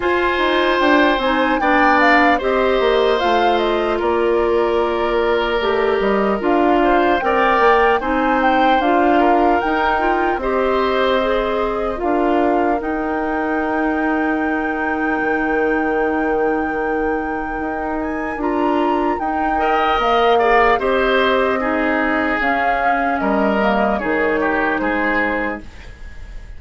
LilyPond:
<<
  \new Staff \with { instrumentName = "flute" } { \time 4/4 \tempo 4 = 75 gis''4 g''8 gis''8 g''8 f''8 dis''4 | f''8 dis''8 d''2~ d''8 dis''8 | f''4 g''4 gis''8 g''8 f''4 | g''4 dis''2 f''4 |
g''1~ | g''2~ g''8 gis''8 ais''4 | g''4 f''4 dis''2 | f''4 dis''4 cis''4 c''4 | }
  \new Staff \with { instrumentName = "oboe" } { \time 4/4 c''2 d''4 c''4~ | c''4 ais'2.~ | ais'8 c''8 d''4 c''4. ais'8~ | ais'4 c''2 ais'4~ |
ais'1~ | ais'1~ | ais'8 dis''4 d''8 c''4 gis'4~ | gis'4 ais'4 gis'8 g'8 gis'4 | }
  \new Staff \with { instrumentName = "clarinet" } { \time 4/4 f'4. dis'8 d'4 g'4 | f'2. g'4 | f'4 ais'4 dis'4 f'4 | dis'8 f'8 g'4 gis'4 f'4 |
dis'1~ | dis'2. f'4 | dis'8 ais'4 gis'8 g'4 dis'4 | cis'4. ais8 dis'2 | }
  \new Staff \with { instrumentName = "bassoon" } { \time 4/4 f'8 dis'8 d'8 c'8 b4 c'8 ais8 | a4 ais2 a8 g8 | d'4 c'8 ais8 c'4 d'4 | dis'4 c'2 d'4 |
dis'2. dis4~ | dis2 dis'4 d'4 | dis'4 ais4 c'2 | cis'4 g4 dis4 gis4 | }
>>